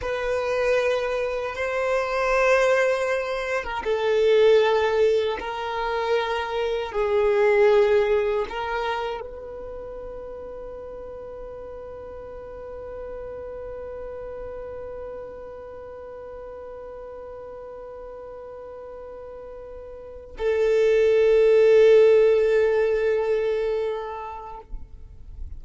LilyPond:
\new Staff \with { instrumentName = "violin" } { \time 4/4 \tempo 4 = 78 b'2 c''2~ | c''8. ais'16 a'2 ais'4~ | ais'4 gis'2 ais'4 | b'1~ |
b'1~ | b'1~ | b'2~ b'8 a'4.~ | a'1 | }